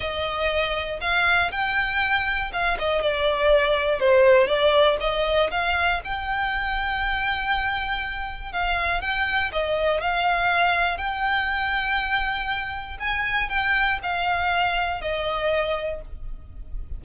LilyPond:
\new Staff \with { instrumentName = "violin" } { \time 4/4 \tempo 4 = 120 dis''2 f''4 g''4~ | g''4 f''8 dis''8 d''2 | c''4 d''4 dis''4 f''4 | g''1~ |
g''4 f''4 g''4 dis''4 | f''2 g''2~ | g''2 gis''4 g''4 | f''2 dis''2 | }